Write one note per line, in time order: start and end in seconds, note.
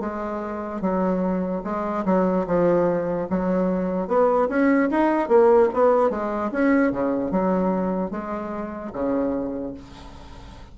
0.00 0.81 G#3
0.81 1.62 F#3
1.64 2.05 G#3
2.05 2.46 F#3
2.47 3.28 F3
3.30 4.07 F#3
4.07 4.48 B3
4.49 4.89 C#4
4.91 5.28 D#4
5.28 5.69 A#3
5.73 6.10 B3
6.10 6.50 G#3
6.52 6.91 C#4
6.91 7.31 C#3
7.31 8.10 F#3
8.10 8.92 G#3
8.93 9.74 C#3